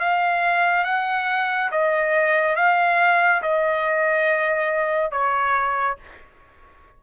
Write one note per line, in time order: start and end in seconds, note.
0.00 0.85 F5
0.85 1.70 F#5
1.71 2.56 D#5
2.56 3.42 F5
3.42 5.12 D#5
5.12 5.97 C#5